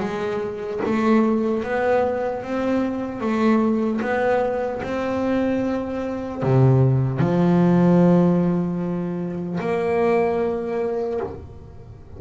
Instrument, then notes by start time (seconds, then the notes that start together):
double bass
0.00 G#3
0.85 A3
1.63 B3
2.43 C4
3.20 A3
4.01 B3
4.83 C4
6.43 C3
7.19 F3
9.60 A#3